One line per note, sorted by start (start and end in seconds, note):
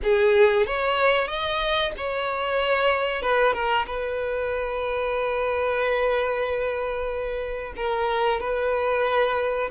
0.03 0.66 G#4
0.66 1.27 C#5
1.27 1.92 D#5
1.97 3.22 C#5
3.22 3.53 B4
3.53 3.85 A#4
3.86 7.73 B4
7.76 8.40 A#4
8.40 9.69 B4